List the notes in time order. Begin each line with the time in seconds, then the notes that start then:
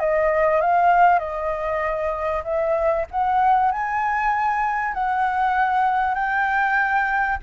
0.00 D#5
0.62 F5
1.19 D#5
2.44 E5
3.12 F#5
3.72 G#5
4.94 F#5
6.15 G5